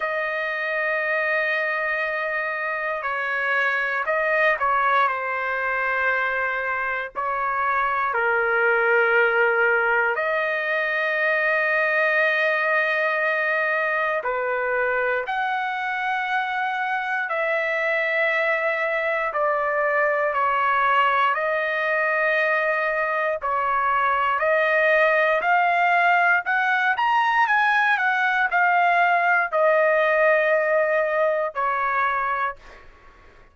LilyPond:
\new Staff \with { instrumentName = "trumpet" } { \time 4/4 \tempo 4 = 59 dis''2. cis''4 | dis''8 cis''8 c''2 cis''4 | ais'2 dis''2~ | dis''2 b'4 fis''4~ |
fis''4 e''2 d''4 | cis''4 dis''2 cis''4 | dis''4 f''4 fis''8 ais''8 gis''8 fis''8 | f''4 dis''2 cis''4 | }